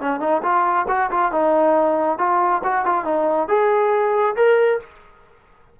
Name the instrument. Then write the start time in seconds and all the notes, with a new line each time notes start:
trombone
0.00 C#4
0.20 D#4
0.42 F4
0.88 F#4
1.11 F4
1.32 D#4
2.18 F4
2.63 F#4
2.85 F4
3.04 D#4
3.48 G#4
4.36 A#4